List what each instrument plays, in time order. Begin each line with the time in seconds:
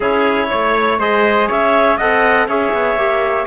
0.00 cello C#4, trombone E4, trumpet G#4, clarinet C#5
0.49 cello A3, trumpet C#5
0.99 cello G#3, trombone G#4, trumpet C5, clarinet D#5
1.47 cello C#4, trumpet C#5, clarinet E5
1.97 cello C4, trombone A4, trumpet D#5, clarinet F#5
2.48 cello C#4, trombone G#4, trumpet C#5, clarinet E5
2.73 cello B3
2.95 cello A#3, trombone G4